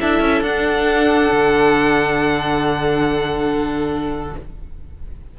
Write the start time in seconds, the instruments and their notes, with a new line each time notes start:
0.00 cello D4, viola E4, violin A4 E5
0.20 cello C#4
0.41 cello D4, viola D4, violin F#5
1.32 cello D3